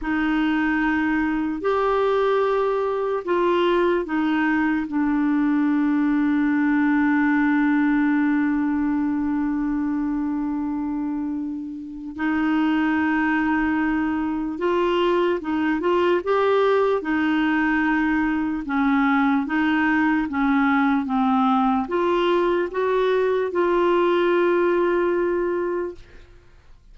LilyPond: \new Staff \with { instrumentName = "clarinet" } { \time 4/4 \tempo 4 = 74 dis'2 g'2 | f'4 dis'4 d'2~ | d'1~ | d'2. dis'4~ |
dis'2 f'4 dis'8 f'8 | g'4 dis'2 cis'4 | dis'4 cis'4 c'4 f'4 | fis'4 f'2. | }